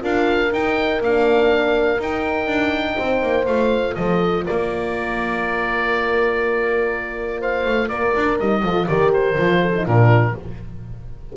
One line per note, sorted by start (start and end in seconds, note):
0.00 0.52 D4
0.00 0.49 F4
0.00 2.96 A#4
0.00 0.53 F5
0.52 1.00 D#4
0.52 1.02 D#4
0.52 1.02 G5
1.00 1.99 A#3
1.00 2.01 D4
1.00 2.01 F5
1.99 2.47 D#4
1.99 3.46 D#4
1.99 3.45 G5
2.47 2.96 D4
2.96 3.22 C4
2.96 3.95 C5
3.22 3.47 A#3
3.45 3.96 A3
3.45 8.38 F4
3.45 3.95 F5
3.95 4.46 F3
3.95 4.45 A4
3.95 4.44 D#5
4.45 7.65 A#3
4.45 7.39 A#4
4.45 7.41 D5
7.39 7.88 C5
7.39 7.89 F5
7.65 7.90 A3
7.89 8.14 A#3
7.89 8.62 A#4
7.89 8.38 D5
8.15 8.39 D4
8.38 8.62 G3
8.38 8.63 D#4
8.38 8.86 D#5
8.62 8.87 F3
8.62 8.87 F4
8.62 8.87 A4
8.86 9.37 D#3
8.86 9.37 G4
8.86 9.61 A#4
8.86 9.11 D5
9.13 9.86 C5
9.37 9.86 F3
9.37 9.74 F4
9.61 9.85 A4
9.75 9.87 D#4
9.85 10.35 A#2
9.85 10.36 D4
9.85 10.34 F4
9.85 10.36 A#4